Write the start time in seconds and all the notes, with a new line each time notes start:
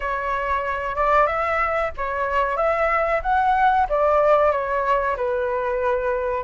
0.00 C#5
0.95 D5
1.26 E5
1.97 C#5
2.56 E5
3.22 F#5
3.89 D5
4.51 C#5
5.16 B4